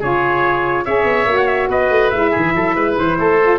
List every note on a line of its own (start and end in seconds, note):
0.00 0.86 C#3
0.00 0.86 F4
0.00 0.85 G#4
0.00 0.85 C#5
0.85 1.04 C#4
0.85 1.28 G#4
0.85 1.69 C#5
0.85 1.37 E5
1.04 1.25 B3
1.26 1.68 A#3
1.26 2.13 F#4
1.37 1.47 F#5
1.47 1.68 E5
1.69 1.90 B3
1.69 2.31 B4
1.69 2.10 D#5
1.90 2.11 A3
2.10 2.33 G#3
2.10 3.40 E4
2.10 2.95 E5
2.31 2.55 E3
2.31 2.52 G#4
2.55 2.76 F#3
2.55 2.76 A4
2.76 2.97 G#3
2.76 3.18 B4
2.98 3.19 E3
2.98 3.59 C5
3.19 3.59 A3
3.19 3.59 A4
3.42 3.59 F4